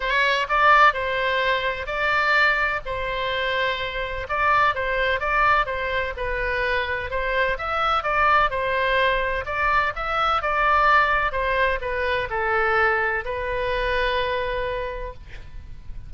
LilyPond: \new Staff \with { instrumentName = "oboe" } { \time 4/4 \tempo 4 = 127 cis''4 d''4 c''2 | d''2 c''2~ | c''4 d''4 c''4 d''4 | c''4 b'2 c''4 |
e''4 d''4 c''2 | d''4 e''4 d''2 | c''4 b'4 a'2 | b'1 | }